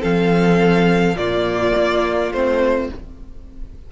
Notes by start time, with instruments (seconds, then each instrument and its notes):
0.00 cello F3, viola C4, violin A4 F5
1.15 cello A#2, viola A#3, violin F4 D5
1.77 cello A#3
2.32 cello A3, viola C4, violin C5